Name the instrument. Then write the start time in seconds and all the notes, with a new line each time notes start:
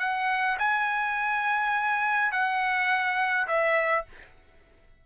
trumpet
0.00 F#5
0.59 G#5
2.32 F#5
3.48 E5